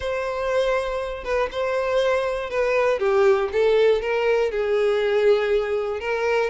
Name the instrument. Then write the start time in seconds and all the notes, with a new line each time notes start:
violin
0.00 C5
1.24 B4
1.51 C5
2.50 B4
2.99 G4
3.52 A4
4.01 A#4
4.51 G#4
6.00 A#4